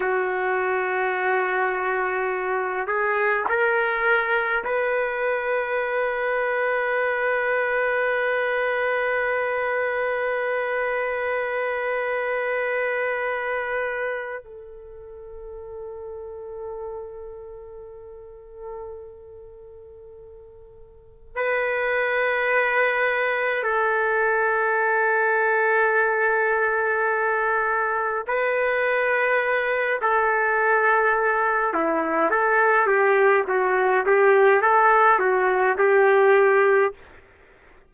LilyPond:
\new Staff \with { instrumentName = "trumpet" } { \time 4/4 \tempo 4 = 52 fis'2~ fis'8 gis'8 ais'4 | b'1~ | b'1~ | b'8 a'2.~ a'8~ |
a'2~ a'8 b'4.~ | b'8 a'2.~ a'8~ | a'8 b'4. a'4. e'8 | a'8 g'8 fis'8 g'8 a'8 fis'8 g'4 | }